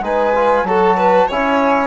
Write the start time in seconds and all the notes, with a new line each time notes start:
0.00 G#3 D#4 B4 G#5
0.35 F4
0.63 F#3 F#4 A4 A5
0.97 B4
1.27 C#4 E4 C#5 G#5